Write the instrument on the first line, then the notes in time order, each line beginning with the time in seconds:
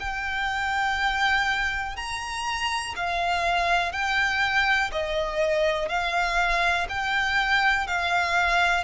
violin
0.00 G5
1.97 A#5
2.96 F5
3.93 G5
4.92 D#5
5.89 F5
6.89 G5
7.87 F5